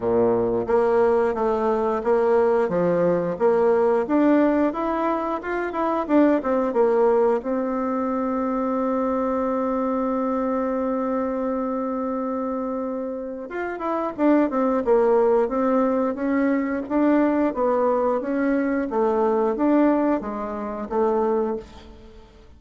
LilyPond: \new Staff \with { instrumentName = "bassoon" } { \time 4/4 \tempo 4 = 89 ais,4 ais4 a4 ais4 | f4 ais4 d'4 e'4 | f'8 e'8 d'8 c'8 ais4 c'4~ | c'1~ |
c'1 | f'8 e'8 d'8 c'8 ais4 c'4 | cis'4 d'4 b4 cis'4 | a4 d'4 gis4 a4 | }